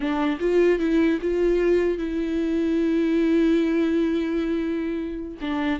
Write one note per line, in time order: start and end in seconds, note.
0.00 0.38 D4
0.40 0.79 F4
0.79 1.19 E4
1.21 1.98 F4
1.98 5.38 E4
5.41 5.79 D4